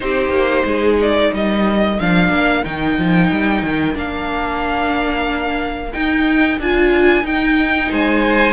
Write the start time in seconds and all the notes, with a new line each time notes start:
0.00 C4 D#4 G4 C5
0.29 A#3
0.65 G#3 G#4
1.01 D5
1.31 G3 A#4 D#5
1.99 F3 D4 F5
2.30 A#3
2.64 D#3 D#4 G5
2.98 F3
3.31 G3
3.62 D#3
3.94 A#3 D4 F5
5.92 D#4 G5
6.58 D4 F4 G#5
7.23 D#4 G5
7.91 G#3 C5 G#5